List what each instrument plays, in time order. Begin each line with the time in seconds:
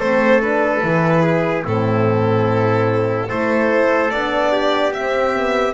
0.00 double bass A3, horn C4, trumpet A4, violin C5
0.42 horn D4, violin B4
0.82 double bass E3, horn E4
1.23 trumpet G#4
1.64 double bass A2, horn C4, trumpet E4, violin A4
3.29 double bass A3, horn E4, trumpet A4, violin C5
4.11 double bass B3, horn D4, violin D5
4.53 trumpet G4
4.94 double bass C4, horn C4, violin E5
5.34 horn B3